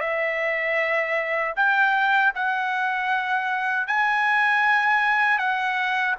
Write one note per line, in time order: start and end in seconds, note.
0.00 1.54 E5
1.56 2.33 G5
2.35 3.87 F#5
3.87 5.38 G#5
5.38 6.15 F#5